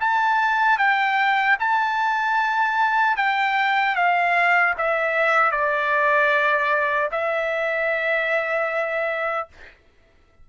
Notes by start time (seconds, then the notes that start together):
0.00 A5
0.78 G5
1.59 A5
3.16 G5
3.95 F5
4.77 E5
5.51 D5
7.11 E5